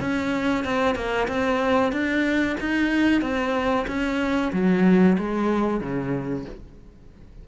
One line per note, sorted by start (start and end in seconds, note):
0.00 0.64 C#4
0.64 0.95 C4
0.95 1.27 A#3
1.28 1.92 C4
1.92 2.57 D4
2.60 3.21 D#4
3.21 3.86 C4
3.87 4.52 C#4
4.52 5.17 F#3
5.18 5.80 G#3
5.80 6.45 C#3